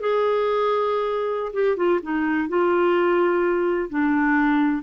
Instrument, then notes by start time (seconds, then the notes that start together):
clarinet
0.00 G#4
1.53 G4
1.76 F4
2.03 D#4
2.49 F4
3.89 D4